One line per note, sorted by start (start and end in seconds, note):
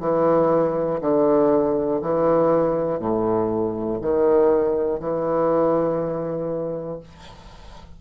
0.00 1.00 E3
1.01 2.01 D3
2.02 2.99 E3
2.99 3.99 A2
4.01 5.00 D#3
5.00 7.00 E3